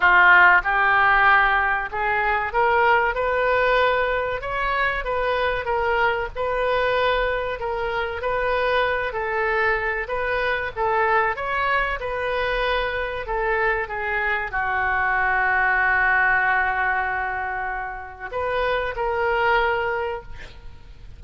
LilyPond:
\new Staff \with { instrumentName = "oboe" } { \time 4/4 \tempo 4 = 95 f'4 g'2 gis'4 | ais'4 b'2 cis''4 | b'4 ais'4 b'2 | ais'4 b'4. a'4. |
b'4 a'4 cis''4 b'4~ | b'4 a'4 gis'4 fis'4~ | fis'1~ | fis'4 b'4 ais'2 | }